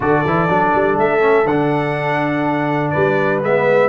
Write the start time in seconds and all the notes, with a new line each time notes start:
0.00 D3 F#4 A4 D5
0.25 E3 E4
0.48 F#3 D4
0.75 G3
0.97 A3 E5
1.20 C#4
1.45 D3 D4 F#5
2.90 G3 B4 D5
3.42 G#3 B3 E5